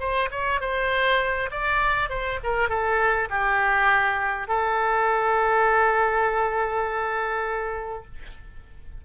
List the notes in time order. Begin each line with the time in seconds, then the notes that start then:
0.00 C5
0.31 C#5
0.61 C5
1.51 D5
2.10 C5
2.44 A#4
2.69 A4
3.30 G4
4.48 A4